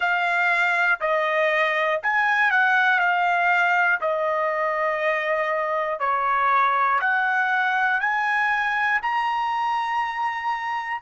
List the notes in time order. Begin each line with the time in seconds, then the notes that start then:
0.00 F5
1.00 D#5
2.02 G#5
2.50 F#5
2.99 F5
4.00 D#5
6.00 C#5
7.00 F#5
8.00 G#5
9.02 A#5